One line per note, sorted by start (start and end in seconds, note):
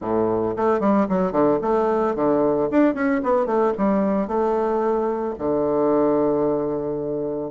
0.01 0.54 A2
0.56 0.79 A3
0.79 1.06 G3
1.09 1.32 F#3
1.32 1.59 D3
1.61 2.15 A3
2.15 2.69 D3
2.70 2.94 D4
2.94 3.21 C#4
3.23 3.46 B3
3.46 3.72 A3
3.77 4.27 G3
4.27 5.34 A3
5.38 7.51 D3